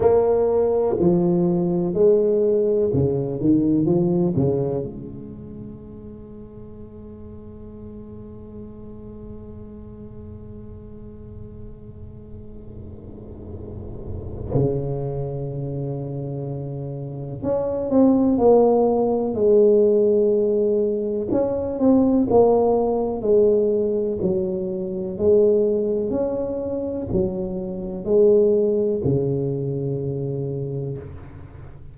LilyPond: \new Staff \with { instrumentName = "tuba" } { \time 4/4 \tempo 4 = 62 ais4 f4 gis4 cis8 dis8 | f8 cis8 gis2.~ | gis1~ | gis2. cis4~ |
cis2 cis'8 c'8 ais4 | gis2 cis'8 c'8 ais4 | gis4 fis4 gis4 cis'4 | fis4 gis4 cis2 | }